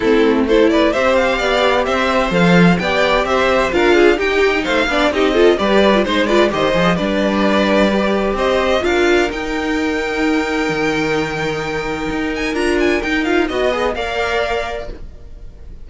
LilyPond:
<<
  \new Staff \with { instrumentName = "violin" } { \time 4/4 \tempo 4 = 129 a'4 c''8 d''8 e''8 f''4. | e''4 f''4 g''4 e''4 | f''4 g''4 f''4 dis''4 | d''4 c''8 d''8 dis''4 d''4~ |
d''2 dis''4 f''4 | g''1~ | g''2~ g''8 gis''8 ais''8 gis''8 | g''8 f''8 dis''4 f''2 | }
  \new Staff \with { instrumentName = "violin" } { \time 4/4 e'4 a'8 b'8 c''4 d''4 | c''2 d''4 c''4 | ais'8 gis'8 g'4 c''8 d''8 g'8 a'8 | b'4 c''8 b'8 c''4 b'4~ |
b'2 c''4 ais'4~ | ais'1~ | ais'1~ | ais'4 dis''4 d''2 | }
  \new Staff \with { instrumentName = "viola" } { \time 4/4 c'4 e'4 g'2~ | g'4 a'4 g'2 | f'4 dis'4. d'8 dis'8 f'8 | g'8. f'16 dis'8 f'8 g'8 gis'8 d'4~ |
d'4 g'2 f'4 | dis'1~ | dis'2. f'4 | dis'8 f'8 fis'8 gis'8 ais'2 | }
  \new Staff \with { instrumentName = "cello" } { \time 4/4 a2 c'4 b4 | c'4 f4 b4 c'4 | d'4 dis'4 a8 b8 c'4 | g4 gis4 dis8 f8 g4~ |
g2 c'4 d'4 | dis'2. dis4~ | dis2 dis'4 d'4 | dis'4 b4 ais2 | }
>>